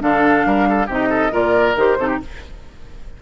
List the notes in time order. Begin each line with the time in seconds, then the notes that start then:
0.00 D3 D4 A4 F5
0.45 G3 A#4
0.69 A4
0.87 C3 D#4 G4 D#5
1.09 A4
1.31 A#2 F4 A#4 D5
1.76 D#3 G4 C5
1.98 C3 D#4 A4
2.07 G4